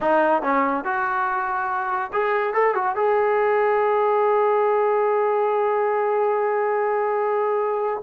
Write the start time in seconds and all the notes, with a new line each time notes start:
0.00 D#4
0.42 C#4
0.84 F#4
2.12 G#4
2.53 A4
2.74 F#4
2.95 G#4